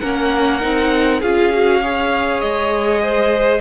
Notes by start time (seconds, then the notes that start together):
0.00 A#3 C#4 A#4 F#5
0.60 C4 D#4
1.20 C#4 F4 G#4 F5
1.53 F#4
1.81 G#4 C#5
2.40 G#3 D#5
3.02 C5